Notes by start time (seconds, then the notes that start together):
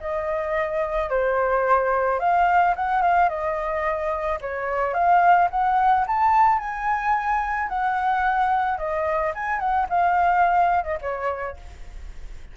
0.00 D#5
1.09 C5
2.19 F5
2.75 F#5
3.01 F5
3.29 D#5
4.41 C#5
4.93 F5
5.50 F#5
6.07 A5
6.58 G#5
7.68 F#5
8.77 D#5
9.34 G#5
9.59 F#5
9.89 F5
10.83 D#5
11.01 C#5